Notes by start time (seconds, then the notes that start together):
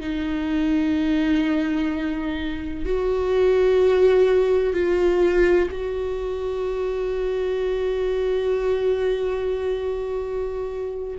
0.00 D#4
2.85 F#4
4.73 F4
5.70 F#4